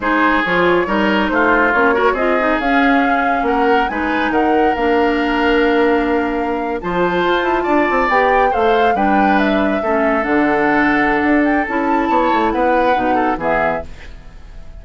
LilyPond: <<
  \new Staff \with { instrumentName = "flute" } { \time 4/4 \tempo 4 = 139 c''4 cis''2 c''4 | cis''4 dis''4 f''2 | fis''4 gis''4 fis''4 f''4~ | f''2.~ f''8. a''16~ |
a''2~ a''8. g''4 f''16~ | f''8. g''4 e''2 fis''16~ | fis''2~ fis''8 g''8 a''4~ | a''4 fis''2 e''4 | }
  \new Staff \with { instrumentName = "oboe" } { \time 4/4 gis'2 ais'4 f'4~ | f'8 ais'8 gis'2. | ais'4 b'4 ais'2~ | ais'2.~ ais'8. c''16~ |
c''4.~ c''16 d''2 c''16~ | c''8. b'2 a'4~ a'16~ | a'1 | cis''4 b'4. a'8 gis'4 | }
  \new Staff \with { instrumentName = "clarinet" } { \time 4/4 dis'4 f'4 dis'2 | cis'8 fis'8 f'8 dis'8 cis'2~ | cis'4 dis'2 d'4~ | d'2.~ d'8. f'16~ |
f'2~ f'8. g'4 a'16~ | a'8. d'2 cis'4 d'16~ | d'2. e'4~ | e'2 dis'4 b4 | }
  \new Staff \with { instrumentName = "bassoon" } { \time 4/4 gis4 f4 g4 a4 | ais4 c'4 cis'2 | ais4 gis4 dis4 ais4~ | ais2.~ ais8. f16~ |
f8. f'8 e'8 d'8 c'8 b4 a16~ | a8. g2 a4 d16~ | d2 d'4 cis'4 | b8 a8 b4 b,4 e4 | }
>>